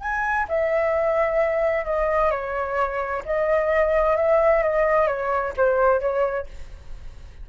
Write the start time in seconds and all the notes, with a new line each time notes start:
0.00 G#5
0.48 E5
1.85 D#5
2.31 C#5
3.25 D#5
4.16 E5
4.63 D#5
5.07 C#5
5.57 C5
6.00 C#5